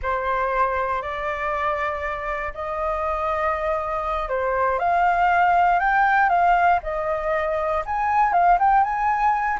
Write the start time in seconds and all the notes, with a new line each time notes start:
0.02 C5
1.02 D5
2.53 D#5
4.28 C5
4.79 F5
5.79 G5
6.29 F5
6.83 D#5
7.85 G#5
8.32 F5
8.59 G5
8.83 G#5